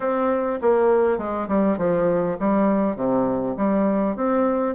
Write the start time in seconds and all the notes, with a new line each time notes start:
0.00 C4
0.61 A#3
1.17 G#3
1.47 G3
1.77 F3
2.39 G3
2.96 C3
3.56 G3
4.16 C4